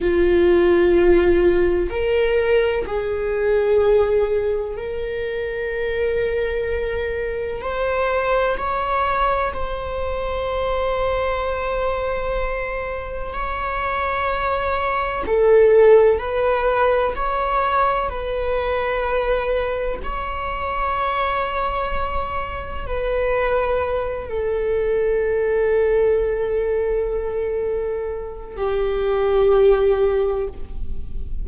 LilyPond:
\new Staff \with { instrumentName = "viola" } { \time 4/4 \tempo 4 = 63 f'2 ais'4 gis'4~ | gis'4 ais'2. | c''4 cis''4 c''2~ | c''2 cis''2 |
a'4 b'4 cis''4 b'4~ | b'4 cis''2. | b'4. a'2~ a'8~ | a'2 g'2 | }